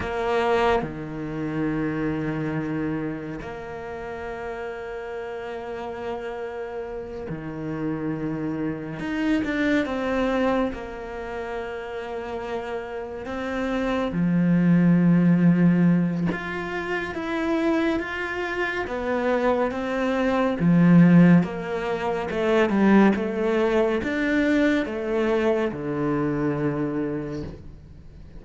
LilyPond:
\new Staff \with { instrumentName = "cello" } { \time 4/4 \tempo 4 = 70 ais4 dis2. | ais1~ | ais8 dis2 dis'8 d'8 c'8~ | c'8 ais2. c'8~ |
c'8 f2~ f8 f'4 | e'4 f'4 b4 c'4 | f4 ais4 a8 g8 a4 | d'4 a4 d2 | }